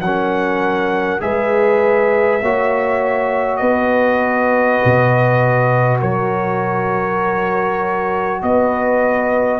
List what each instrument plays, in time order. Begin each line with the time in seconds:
0.00 tuba F#3, trombone C#4, horn A#4, trumpet F#5
1.20 tuba G#3, trombone G#4, horn B4, trumpet E5
2.42 tuba A#3, trombone F#4, horn C#5
3.56 tuba B3, horn B4, trumpet D#5
4.84 tuba B2
5.99 tuba F#3, horn A#4, trumpet C#5
8.42 tuba B3, horn B4, trumpet D#5